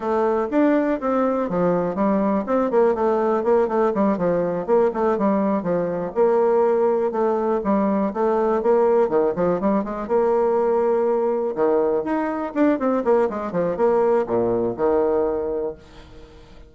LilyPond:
\new Staff \with { instrumentName = "bassoon" } { \time 4/4 \tempo 4 = 122 a4 d'4 c'4 f4 | g4 c'8 ais8 a4 ais8 a8 | g8 f4 ais8 a8 g4 f8~ | f8 ais2 a4 g8~ |
g8 a4 ais4 dis8 f8 g8 | gis8 ais2. dis8~ | dis8 dis'4 d'8 c'8 ais8 gis8 f8 | ais4 ais,4 dis2 | }